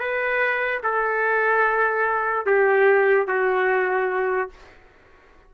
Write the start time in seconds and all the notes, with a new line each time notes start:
0.00 B4
0.83 A4
2.46 G4
3.27 F#4